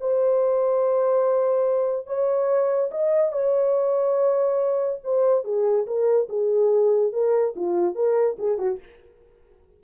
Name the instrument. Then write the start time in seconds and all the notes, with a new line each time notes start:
horn
0.00 C5
2.06 C#5
2.91 D#5
3.32 C#5
5.03 C5
5.44 G#4
5.86 A#4
6.29 G#4
7.12 A#4
7.56 F4
7.95 A#4
8.38 G#4
8.58 F#4